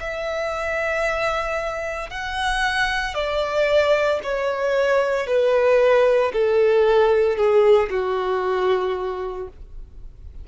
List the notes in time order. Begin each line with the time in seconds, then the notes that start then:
0.00 E5
2.10 F#5
3.15 D5
4.23 C#5
5.27 B4
6.33 A4
7.37 G#4
7.90 F#4